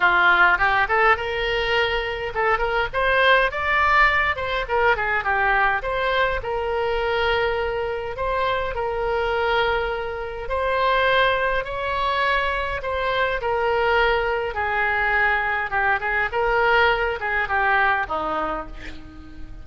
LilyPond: \new Staff \with { instrumentName = "oboe" } { \time 4/4 \tempo 4 = 103 f'4 g'8 a'8 ais'2 | a'8 ais'8 c''4 d''4. c''8 | ais'8 gis'8 g'4 c''4 ais'4~ | ais'2 c''4 ais'4~ |
ais'2 c''2 | cis''2 c''4 ais'4~ | ais'4 gis'2 g'8 gis'8 | ais'4. gis'8 g'4 dis'4 | }